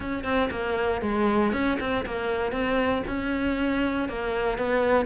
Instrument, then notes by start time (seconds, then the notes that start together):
cello
0.00 C#4
0.24 C4
0.50 A#3
1.01 G#3
1.53 C#4
1.79 C4
2.05 A#3
2.51 C4
3.07 C#4
4.08 A#3
4.58 B3